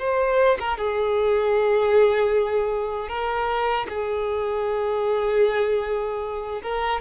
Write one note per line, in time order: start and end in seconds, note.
0.00 0.58 C5
0.60 0.78 A#4
0.78 3.09 G#4
3.09 3.87 A#4
3.90 6.62 G#4
6.63 7.01 A#4